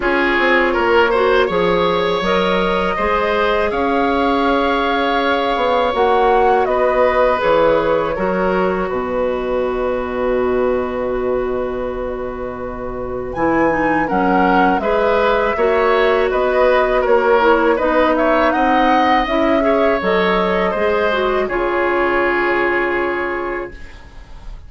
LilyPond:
<<
  \new Staff \with { instrumentName = "flute" } { \time 4/4 \tempo 4 = 81 cis''2. dis''4~ | dis''4 f''2. | fis''4 dis''4 cis''2 | dis''1~ |
dis''2 gis''4 fis''4 | e''2 dis''4 cis''4 | dis''8 e''8 fis''4 e''4 dis''4~ | dis''4 cis''2. | }
  \new Staff \with { instrumentName = "oboe" } { \time 4/4 gis'4 ais'8 c''8 cis''2 | c''4 cis''2.~ | cis''4 b'2 ais'4 | b'1~ |
b'2. ais'4 | b'4 cis''4 b'4 ais'4 | b'8 cis''8 dis''4. cis''4. | c''4 gis'2. | }
  \new Staff \with { instrumentName = "clarinet" } { \time 4/4 f'4. fis'8 gis'4 ais'4 | gis'1 | fis'2 gis'4 fis'4~ | fis'1~ |
fis'2 e'8 dis'8 cis'4 | gis'4 fis'2~ fis'8 e'8 | dis'2 e'8 gis'8 a'4 | gis'8 fis'8 f'2. | }
  \new Staff \with { instrumentName = "bassoon" } { \time 4/4 cis'8 c'8 ais4 f4 fis4 | gis4 cis'2~ cis'8 b8 | ais4 b4 e4 fis4 | b,1~ |
b,2 e4 fis4 | gis4 ais4 b4 ais4 | b4 c'4 cis'4 fis4 | gis4 cis2. | }
>>